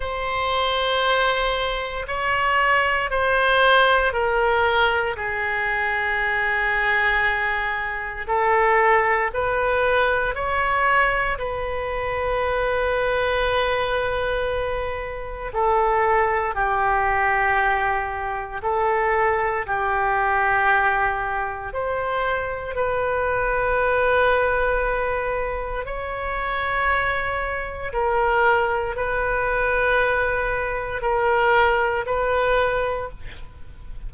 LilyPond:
\new Staff \with { instrumentName = "oboe" } { \time 4/4 \tempo 4 = 58 c''2 cis''4 c''4 | ais'4 gis'2. | a'4 b'4 cis''4 b'4~ | b'2. a'4 |
g'2 a'4 g'4~ | g'4 c''4 b'2~ | b'4 cis''2 ais'4 | b'2 ais'4 b'4 | }